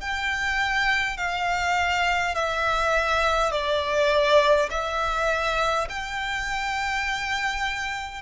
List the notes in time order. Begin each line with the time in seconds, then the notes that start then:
0.00 G5
1.17 F5
2.34 E5
3.51 D5
4.70 E5
5.89 G5